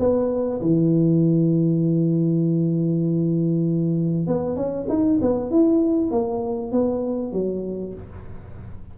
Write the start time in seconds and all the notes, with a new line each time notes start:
0.00 B3
0.62 E3
4.27 B3
4.57 C#4
4.89 D#4
5.22 B3
5.51 E4
6.11 A#3
6.72 B3
7.33 F#3